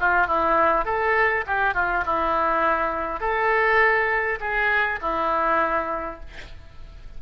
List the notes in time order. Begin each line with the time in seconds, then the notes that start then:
0.00 F4
0.27 E4
0.85 A4
1.47 G4
1.74 F4
2.06 E4
3.20 A4
4.40 G#4
5.02 E4